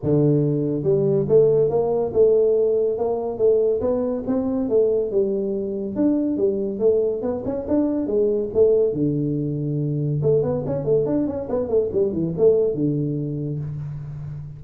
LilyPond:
\new Staff \with { instrumentName = "tuba" } { \time 4/4 \tempo 4 = 141 d2 g4 a4 | ais4 a2 ais4 | a4 b4 c'4 a4 | g2 d'4 g4 |
a4 b8 cis'8 d'4 gis4 | a4 d2. | a8 b8 cis'8 a8 d'8 cis'8 b8 a8 | g8 e8 a4 d2 | }